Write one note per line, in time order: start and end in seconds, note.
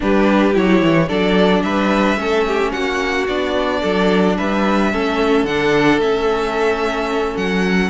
0.00 0.56 G3
0.00 0.53 D4
0.00 1.07 G4
0.00 0.56 B4
0.53 0.81 F#3
0.53 1.08 E4
0.53 1.08 C#5
0.81 1.09 E3
1.07 1.63 F#3
1.07 2.17 D4
1.07 1.62 A4
1.07 1.62 D5
1.62 2.16 G3
1.62 2.19 B4
1.62 2.71 E5
2.16 2.71 A3
2.16 3.26 C#4
2.16 2.47 A4
2.47 2.72 G4
2.71 3.27 A#3
2.71 3.81 F#4
2.71 3.26 F#5
3.27 3.82 B3
3.27 4.92 D4
3.27 4.36 D5
3.81 4.38 F#3
3.81 4.36 A4
4.37 4.93 G3
4.37 4.91 B4
4.37 5.45 E5
4.91 5.43 A3
4.91 5.47 C#4
4.91 7.90 A4
5.43 5.97 D3
5.43 6.01 D4
5.43 6.00 F#5
5.97 7.34 A3
5.97 7.90 C#4
5.97 7.36 E5
7.36 7.90 F#3
7.36 7.90 F#5